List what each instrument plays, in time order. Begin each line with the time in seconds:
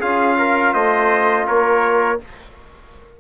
0.00 bassoon C#4, trombone F4, trumpet G#4 F5
0.38 trumpet A#4
0.73 bassoon A3, trumpet C5 D#5
1.47 bassoon A#3, trumpet A#4 C#5